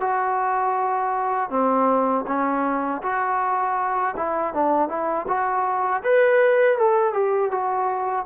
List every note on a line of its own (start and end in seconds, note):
0.00 1.50 F#4
1.50 2.25 C4
2.27 3.02 C#4
3.02 4.15 F#4
4.17 4.54 E4
4.54 4.88 D4
4.88 5.26 E4
5.27 6.02 F#4
6.03 6.77 B4
6.77 7.13 A4
7.13 7.51 G4
7.51 8.25 F#4